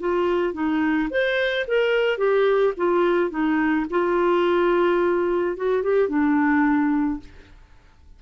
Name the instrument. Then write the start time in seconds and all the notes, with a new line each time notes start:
clarinet
0.00 F4
0.54 D#4
1.10 C5
1.68 A#4
2.18 G4
2.78 F4
3.31 D#4
3.90 F4
5.57 F#4
5.83 G4
6.09 D4